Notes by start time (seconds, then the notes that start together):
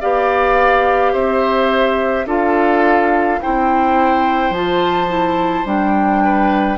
0.00 B3 G4 D5 F5
1.12 C4 C5 E5
2.25 D4 F4 A4 F5
3.41 C4 E4 C5 G5
4.50 F3 F4 A5
5.08 E4
5.65 G3 D4 G5
6.24 B4